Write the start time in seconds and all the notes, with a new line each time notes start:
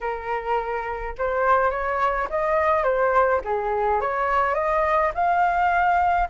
0.00 A#4
1.18 C5
1.71 C#5
2.29 D#5
2.83 C5
3.44 G#4
4.00 C#5
4.54 D#5
5.14 F5